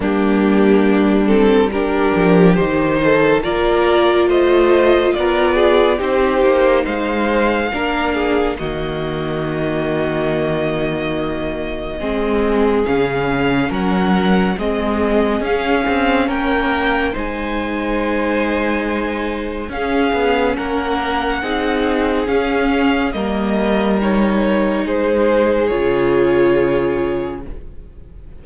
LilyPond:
<<
  \new Staff \with { instrumentName = "violin" } { \time 4/4 \tempo 4 = 70 g'4. a'8 ais'4 c''4 | d''4 dis''4 d''4 c''4 | f''2 dis''2~ | dis''2. f''4 |
fis''4 dis''4 f''4 g''4 | gis''2. f''4 | fis''2 f''4 dis''4 | cis''4 c''4 cis''2 | }
  \new Staff \with { instrumentName = "violin" } { \time 4/4 d'2 g'4. a'8 | ais'4 c''4 ais'8 gis'8 g'4 | c''4 ais'8 gis'8 fis'2~ | fis'2 gis'2 |
ais'4 gis'2 ais'4 | c''2. gis'4 | ais'4 gis'2 ais'4~ | ais'4 gis'2. | }
  \new Staff \with { instrumentName = "viola" } { \time 4/4 ais4. c'8 d'4 dis'4 | f'2. dis'4~ | dis'4 d'4 ais2~ | ais2 c'4 cis'4~ |
cis'4 c'4 cis'2 | dis'2. cis'4~ | cis'4 dis'4 cis'4 ais4 | dis'2 f'2 | }
  \new Staff \with { instrumentName = "cello" } { \time 4/4 g2~ g8 f8 dis4 | ais4 a4 b4 c'8 ais8 | gis4 ais4 dis2~ | dis2 gis4 cis4 |
fis4 gis4 cis'8 c'8 ais4 | gis2. cis'8 b8 | ais4 c'4 cis'4 g4~ | g4 gis4 cis2 | }
>>